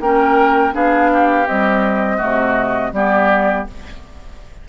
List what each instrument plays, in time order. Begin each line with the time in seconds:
0.00 bassoon A#3, clarinet C#4, oboe A#4, flute G5
0.73 bassoon B3, clarinet D4, oboe G#4, flute F5
1.13 oboe G4
1.47 clarinet G3, bassoon C4, flute D#5
2.17 bassoon C3, clarinet A3, oboe F#4
2.93 bassoon G3, clarinet B3, oboe G4, flute D5